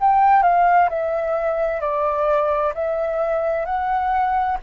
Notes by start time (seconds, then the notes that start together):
0.00 G5
0.42 F5
0.89 E5
1.80 D5
2.74 E5
3.65 F#5